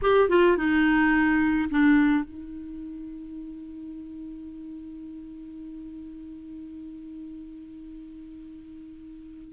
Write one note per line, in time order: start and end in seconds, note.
0.02 0.29 G4
0.29 0.57 F4
0.57 1.69 D#4
1.70 2.24 D4
2.24 9.53 D#4